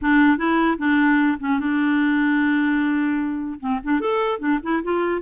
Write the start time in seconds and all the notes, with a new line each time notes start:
0.01 D4
0.37 E4
0.77 D4
1.39 C#4
1.59 D4
3.60 C4
3.83 D4
4.00 A4
4.39 D4
4.62 E4
4.83 F4